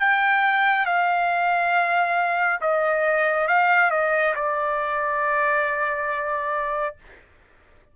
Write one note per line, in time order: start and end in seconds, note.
0.00 0.86 G5
0.86 2.60 F5
2.61 3.48 D#5
3.48 3.91 F5
3.91 4.34 D#5
4.36 6.96 D5